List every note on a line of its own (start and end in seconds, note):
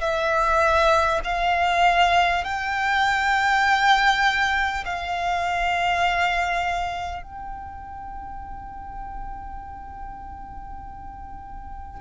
0.00 1.20 E5
1.24 2.44 F5
2.44 4.84 G5
4.85 7.22 F5
7.22 12.01 G5